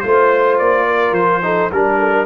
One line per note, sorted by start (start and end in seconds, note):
0.00 0.60 A3
0.00 1.42 F4
0.00 0.56 C5
0.00 0.86 C5
0.58 1.11 A#3
0.58 1.14 D5
0.86 1.42 A#4
1.11 1.68 F3
1.11 1.70 C5
1.42 1.70 D#4
1.42 1.73 A4
1.72 2.25 G3
1.72 2.25 D4
1.72 2.25 A#4
1.72 1.99 A#4
1.99 2.12 A4
2.12 2.25 A#4